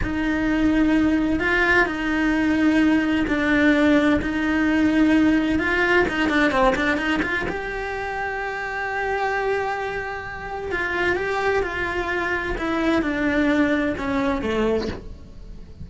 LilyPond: \new Staff \with { instrumentName = "cello" } { \time 4/4 \tempo 4 = 129 dis'2. f'4 | dis'2. d'4~ | d'4 dis'2. | f'4 dis'8 d'8 c'8 d'8 dis'8 f'8 |
g'1~ | g'2. f'4 | g'4 f'2 e'4 | d'2 cis'4 a4 | }